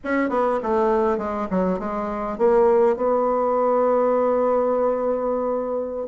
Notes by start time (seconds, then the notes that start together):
0.04 C#4
0.29 B3
0.62 A3
1.17 G#3
1.50 F#3
1.79 G#3
2.38 A#3
2.96 B3